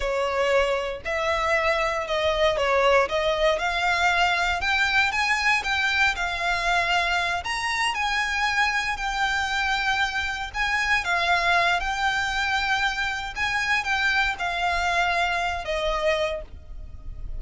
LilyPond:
\new Staff \with { instrumentName = "violin" } { \time 4/4 \tempo 4 = 117 cis''2 e''2 | dis''4 cis''4 dis''4 f''4~ | f''4 g''4 gis''4 g''4 | f''2~ f''8 ais''4 gis''8~ |
gis''4. g''2~ g''8~ | g''8 gis''4 f''4. g''4~ | g''2 gis''4 g''4 | f''2~ f''8 dis''4. | }